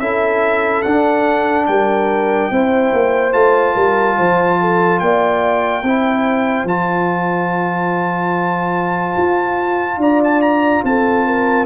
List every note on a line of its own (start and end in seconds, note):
0.00 0.83 C#4
0.00 0.85 E4
0.00 1.68 A4
0.00 0.82 E5
0.82 1.68 D4
0.82 2.52 D4
0.82 1.66 F#5
1.67 2.51 G3
1.67 2.52 A#4
1.67 3.33 G5
2.51 2.93 C4
2.51 3.33 E4
2.51 3.75 C5
2.93 3.34 A#3
3.33 3.76 A3
3.33 5.83 F4
3.33 5.00 A5
3.75 4.18 G3
3.75 4.16 A#4
4.17 5.01 F3
4.17 4.59 C5
4.61 5.02 A4
5.00 5.83 A#3
5.00 5.86 D5
5.00 6.66 G5
5.83 6.64 C4
5.83 6.68 E4
5.83 10.01 C5
6.64 9.14 F3
6.64 11.66 F4
6.64 10.01 A5
9.17 9.98 F4
9.98 10.81 D4
9.98 10.84 D5
9.98 10.23 A#5
10.24 10.42 A5
10.42 10.84 A#5
10.84 11.66 C4
10.84 11.27 A4
10.84 11.66 A5
11.27 11.66 A#4